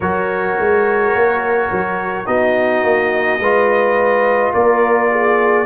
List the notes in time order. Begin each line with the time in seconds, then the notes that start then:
0.00 F#3 F#4 A#4 C#5
0.58 G#3
1.14 A#3
1.71 F#3
2.25 B3 D#4 F#4 D#5
2.83 A#3
3.39 G#3 F4 B4
4.53 A#3 A#4 D5
5.10 G#4